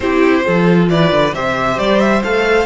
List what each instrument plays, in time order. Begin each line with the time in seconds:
0.00 cello C4, viola E4, violin G4 C5
0.43 cello F3, viola F4, violin A4
0.89 cello E3, violin B4 D5
1.11 cello D3
1.33 cello C3, viola G4, violin C5 E5
1.78 cello G3, violin D5
2.00 violin E5
2.23 cello A3, viola A4, violin F5